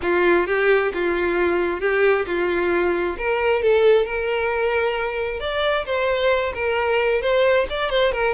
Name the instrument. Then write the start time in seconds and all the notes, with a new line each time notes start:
violin
0.02 F4
0.47 G4
0.93 F4
1.80 G4
2.26 F4
3.17 A#4
3.62 A4
4.05 A#4
5.40 D5
5.85 C5
6.54 A#4
7.21 C5
7.69 D5
7.89 C5
8.12 A#4